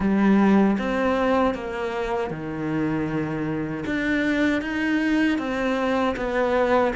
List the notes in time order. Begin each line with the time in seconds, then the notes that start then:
0.00 G3
0.78 C4
1.54 A#3
2.30 D#3
3.85 D4
4.61 D#4
5.38 C4
6.16 B3